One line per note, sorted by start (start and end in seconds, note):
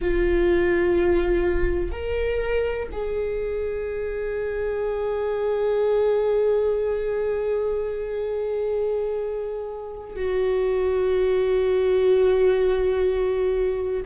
0.01 1.91 F4
1.91 2.88 A#4
2.91 10.16 G#4
10.16 14.03 F#4